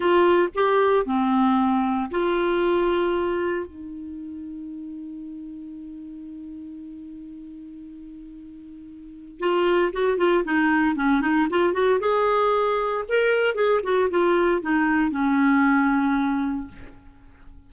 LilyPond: \new Staff \with { instrumentName = "clarinet" } { \time 4/4 \tempo 4 = 115 f'4 g'4 c'2 | f'2. dis'4~ | dis'1~ | dis'1~ |
dis'2 f'4 fis'8 f'8 | dis'4 cis'8 dis'8 f'8 fis'8 gis'4~ | gis'4 ais'4 gis'8 fis'8 f'4 | dis'4 cis'2. | }